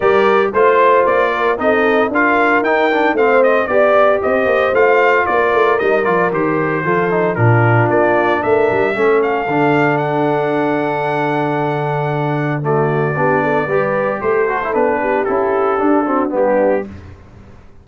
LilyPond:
<<
  \new Staff \with { instrumentName = "trumpet" } { \time 4/4 \tempo 4 = 114 d''4 c''4 d''4 dis''4 | f''4 g''4 f''8 dis''8 d''4 | dis''4 f''4 d''4 dis''8 d''8 | c''2 ais'4 d''4 |
e''4. f''4. fis''4~ | fis''1 | d''2. c''4 | b'4 a'2 g'4 | }
  \new Staff \with { instrumentName = "horn" } { \time 4/4 ais'4 c''4. ais'8 a'4 | ais'2 c''4 d''4 | c''2 ais'2~ | ais'4 a'4 f'2 |
ais'4 a'2.~ | a'1 | fis'4 g'8 a'8 b'4 a'4~ | a'8 g'2 fis'8 d'4 | }
  \new Staff \with { instrumentName = "trombone" } { \time 4/4 g'4 f'2 dis'4 | f'4 dis'8 d'8 c'4 g'4~ | g'4 f'2 dis'8 f'8 | g'4 f'8 dis'8 d'2~ |
d'4 cis'4 d'2~ | d'1 | a4 d'4 g'4. fis'16 e'16 | d'4 e'4 d'8 c'8 b4 | }
  \new Staff \with { instrumentName = "tuba" } { \time 4/4 g4 a4 ais4 c'4 | d'4 dis'4 a4 b4 | c'8 ais8 a4 ais8 a8 g8 f8 | dis4 f4 ais,4 ais4 |
a8 g8 a4 d2~ | d1~ | d4 b4 g4 a4 | b4 cis'4 d'4 g4 | }
>>